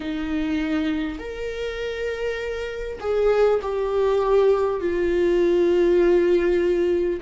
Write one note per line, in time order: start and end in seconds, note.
0.00 1.18 D#4
1.18 2.98 A#4
3.00 3.60 G#4
3.62 4.80 G4
4.80 7.20 F4